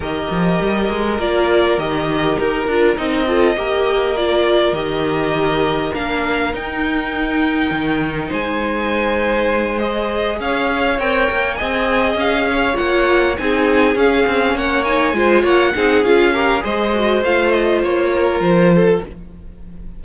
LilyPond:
<<
  \new Staff \with { instrumentName = "violin" } { \time 4/4 \tempo 4 = 101 dis''2 d''4 dis''4 | ais'4 dis''2 d''4 | dis''2 f''4 g''4~ | g''2 gis''2~ |
gis''8 dis''4 f''4 g''4 gis''8~ | gis''8 f''4 fis''4 gis''4 f''8~ | f''8 fis''8 gis''4 fis''4 f''4 | dis''4 f''8 dis''8 cis''4 c''4 | }
  \new Staff \with { instrumentName = "violin" } { \time 4/4 ais'1~ | ais'4. a'8 ais'2~ | ais'1~ | ais'2 c''2~ |
c''4. cis''2 dis''8~ | dis''4 cis''4. gis'4.~ | gis'8 cis''4 c''8 cis''8 gis'4 ais'8 | c''2~ c''8 ais'4 a'8 | }
  \new Staff \with { instrumentName = "viola" } { \time 4/4 g'2 f'4 g'4~ | g'8 f'8 dis'8 f'8 g'4 f'4 | g'2 d'4 dis'4~ | dis'1~ |
dis'8 gis'2 ais'4 gis'8~ | gis'4. f'4 dis'4 cis'8~ | cis'4 dis'8 f'4 dis'8 f'8 g'8 | gis'8 fis'8 f'2. | }
  \new Staff \with { instrumentName = "cello" } { \time 4/4 dis8 f8 g8 gis8 ais4 dis4 | dis'8 d'8 c'4 ais2 | dis2 ais4 dis'4~ | dis'4 dis4 gis2~ |
gis4. cis'4 c'8 ais8 c'8~ | c'8 cis'4 ais4 c'4 cis'8 | c'8 ais4 gis8 ais8 c'8 cis'4 | gis4 a4 ais4 f4 | }
>>